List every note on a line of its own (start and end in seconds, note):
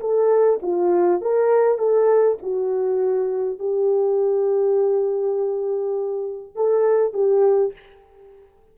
0.00 0.59 A4
0.62 1.21 F4
1.21 1.78 A#4
1.78 2.38 A4
2.42 3.59 F#4
3.59 6.55 G4
6.55 7.13 A4
7.13 7.73 G4